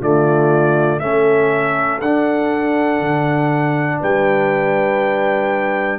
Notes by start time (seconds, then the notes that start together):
0.00 D3 A3 F4 D5
1.00 A3 C#4 A4 E5
2.01 D4 F#5
3.01 D3
4.01 G3 B4 G5